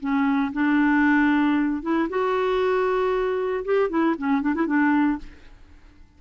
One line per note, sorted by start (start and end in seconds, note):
0.00 0.52 C#4
0.53 1.82 D4
1.82 2.08 E4
2.09 3.64 F#4
3.65 3.89 G4
3.89 4.15 E4
4.18 4.41 C#4
4.41 4.54 D4
4.55 4.66 E4
4.66 5.18 D4